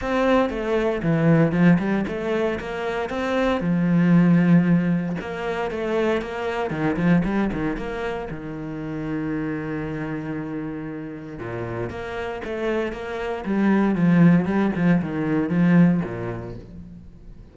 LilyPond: \new Staff \with { instrumentName = "cello" } { \time 4/4 \tempo 4 = 116 c'4 a4 e4 f8 g8 | a4 ais4 c'4 f4~ | f2 ais4 a4 | ais4 dis8 f8 g8 dis8 ais4 |
dis1~ | dis2 ais,4 ais4 | a4 ais4 g4 f4 | g8 f8 dis4 f4 ais,4 | }